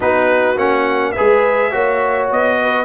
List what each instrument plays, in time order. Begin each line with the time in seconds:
0.00 tuba B3, trombone D#4, horn F#4, trumpet B4
0.57 tuba A#3, trombone C#4, trumpet F#5
1.12 trombone G#4, horn B4, trumpet E5
1.19 tuba G#3
1.71 tuba A#3, trombone F#4, horn C#5
2.31 tuba B3, trumpet D#5
2.61 horn B4